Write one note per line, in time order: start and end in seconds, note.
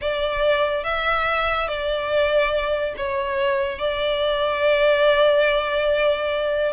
0.01 0.84 D5
0.84 1.68 E5
1.68 2.94 D5
2.97 3.79 C#5
3.79 6.72 D5